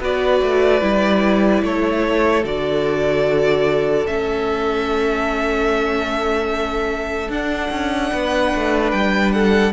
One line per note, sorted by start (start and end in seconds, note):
0.00 0.41 B3
0.00 0.81 F#4
0.00 1.63 B4
0.00 1.64 D5
0.42 0.81 A3
0.81 1.62 G3
0.81 2.43 E4
1.63 2.44 A3
1.63 8.12 A4
1.63 2.45 C#5
2.43 4.06 D3
2.43 4.06 F#4
2.43 4.06 D5
4.06 7.29 A3
4.06 7.30 C#4
4.06 7.31 E5
7.29 7.69 D4
7.29 9.73 D4
7.29 8.91 F#5
7.70 8.11 C#4
8.12 8.54 B3
8.12 9.33 B4
8.55 8.92 A3
8.91 9.73 G3
8.91 9.31 G5
9.32 9.73 A4
9.32 9.72 F#5